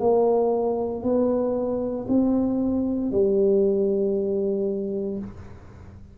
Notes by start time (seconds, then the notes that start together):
0.00 A#3
1.03 B3
2.08 C4
3.12 G3